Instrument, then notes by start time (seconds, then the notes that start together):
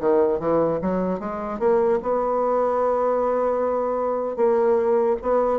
bassoon
0.00 D#3
0.40 E3
0.81 F#3
1.20 G#3
1.59 A#3
2.03 B3
4.36 A#3
5.22 B3